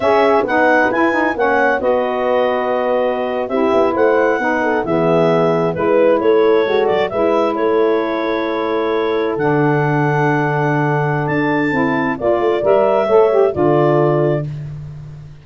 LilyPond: <<
  \new Staff \with { instrumentName = "clarinet" } { \time 4/4 \tempo 4 = 133 e''4 fis''4 gis''4 fis''4 | dis''2.~ dis''8. e''16~ | e''8. fis''2 e''4~ e''16~ | e''8. b'4 cis''4. d''8 e''16~ |
e''8. cis''2.~ cis''16~ | cis''8. fis''2.~ fis''16~ | fis''4 a''2 d''4 | e''2 d''2 | }
  \new Staff \with { instrumentName = "horn" } { \time 4/4 gis'4 b'2 cis''4 | b'2.~ b'8. g'16~ | g'8. c''4 b'8 a'8 gis'4~ gis'16~ | gis'8. b'4 a'2 b'16~ |
b'8. a'2.~ a'16~ | a'1~ | a'2. d''4~ | d''4 cis''4 a'2 | }
  \new Staff \with { instrumentName = "saxophone" } { \time 4/4 cis'4 dis'4 e'8 dis'8 cis'4 | fis'2.~ fis'8. e'16~ | e'4.~ e'16 dis'4 b4~ b16~ | b8. e'2 fis'4 e'16~ |
e'1~ | e'8. d'2.~ d'16~ | d'2 e'4 f'4 | ais'4 a'8 g'8 f'2 | }
  \new Staff \with { instrumentName = "tuba" } { \time 4/4 cis'4 b4 e'4 ais4 | b2.~ b8. c'16~ | c'16 b8 a4 b4 e4~ e16~ | e8. gis4 a4 gis8 fis8 gis16~ |
gis8. a2.~ a16~ | a8. d2.~ d16~ | d4 d'4 c'4 ais8 a8 | g4 a4 d2 | }
>>